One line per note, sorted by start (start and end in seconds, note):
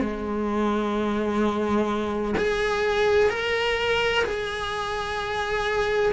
0.00 2.34 G#3
2.37 3.29 G#4
3.29 4.23 A#4
4.24 6.12 G#4